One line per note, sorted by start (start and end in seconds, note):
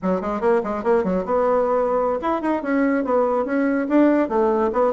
0.02 0.21 F#3
0.21 0.40 G#3
0.40 0.61 A#3
0.63 0.83 G#3
0.83 1.03 A#3
1.03 1.24 F#3
1.25 2.19 B3
2.21 2.41 E4
2.41 2.62 D#4
2.62 3.04 C#4
3.04 3.45 B3
3.45 3.87 C#4
3.88 4.29 D4
4.29 4.71 A3
4.72 4.93 B3